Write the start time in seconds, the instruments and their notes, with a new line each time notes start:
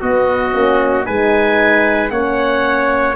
0.00 tuba B3, horn B3, trumpet F#4, oboe D#5
0.51 tuba A#3, horn C#4
1.05 tuba G#3, horn D#4, trumpet B4, oboe G#5
2.10 tuba A#3, horn C#4, trumpet C#5, oboe F#5